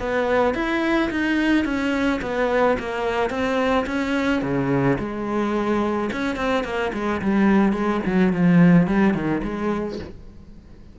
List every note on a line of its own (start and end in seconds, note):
0.00 0.55 B3
0.55 1.10 E4
1.11 1.65 D#4
1.65 2.21 C#4
2.22 2.78 B3
2.79 3.30 A#3
3.30 3.86 C4
3.87 4.42 C#4
4.42 4.98 C#3
4.99 6.10 G#3
6.13 6.36 C#4
6.36 6.64 C4
6.64 6.92 A#3
6.94 7.21 G#3
7.22 7.73 G3
7.73 8.01 G#3
8.06 8.33 F#3
8.33 8.87 F3
8.87 9.14 G3
9.14 9.42 D#3
9.44 9.99 G#3